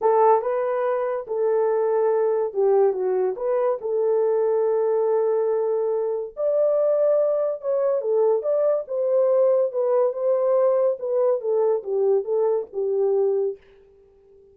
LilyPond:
\new Staff \with { instrumentName = "horn" } { \time 4/4 \tempo 4 = 142 a'4 b'2 a'4~ | a'2 g'4 fis'4 | b'4 a'2.~ | a'2. d''4~ |
d''2 cis''4 a'4 | d''4 c''2 b'4 | c''2 b'4 a'4 | g'4 a'4 g'2 | }